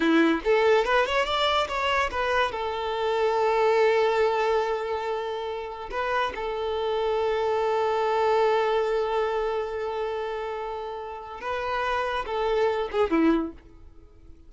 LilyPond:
\new Staff \with { instrumentName = "violin" } { \time 4/4 \tempo 4 = 142 e'4 a'4 b'8 cis''8 d''4 | cis''4 b'4 a'2~ | a'1~ | a'2 b'4 a'4~ |
a'1~ | a'1~ | a'2. b'4~ | b'4 a'4. gis'8 e'4 | }